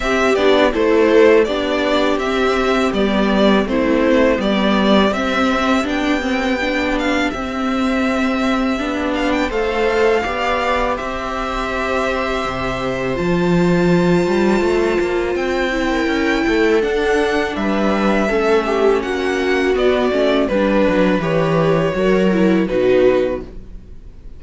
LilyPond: <<
  \new Staff \with { instrumentName = "violin" } { \time 4/4 \tempo 4 = 82 e''8 d''8 c''4 d''4 e''4 | d''4 c''4 d''4 e''4 | g''4. f''8 e''2~ | e''8 f''16 g''16 f''2 e''4~ |
e''2 a''2~ | a''4 g''2 fis''4 | e''2 fis''4 d''4 | b'4 cis''2 b'4 | }
  \new Staff \with { instrumentName = "viola" } { \time 4/4 g'4 a'4 g'2~ | g'4 e'4 g'2~ | g'1~ | g'4 c''4 d''4 c''4~ |
c''1~ | c''4.~ c''16 ais'8. a'4. | b'4 a'8 g'8 fis'2 | b'2 ais'4 fis'4 | }
  \new Staff \with { instrumentName = "viola" } { \time 4/4 c'8 d'8 e'4 d'4 c'4 | b4 c'4 b4 c'4 | d'8 c'8 d'4 c'2 | d'4 a'4 g'2~ |
g'2 f'2~ | f'4. e'4. d'4~ | d'4 cis'2 b8 cis'8 | d'4 g'4 fis'8 e'8 dis'4 | }
  \new Staff \with { instrumentName = "cello" } { \time 4/4 c'8 b8 a4 b4 c'4 | g4 a4 g4 c'4 | b2 c'2 | b4 a4 b4 c'4~ |
c'4 c4 f4. g8 | a8 ais8 c'4 cis'8 a8 d'4 | g4 a4 ais4 b8 a8 | g8 fis8 e4 fis4 b,4 | }
>>